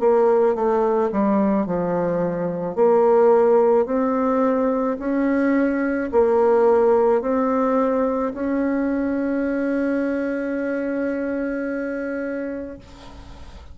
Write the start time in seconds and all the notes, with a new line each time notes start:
0.00 A#3
0.56 A3
1.12 G3
1.66 F3
2.76 A#3
3.86 C4
4.99 C#4
6.12 A#3
7.22 C4
8.34 C#4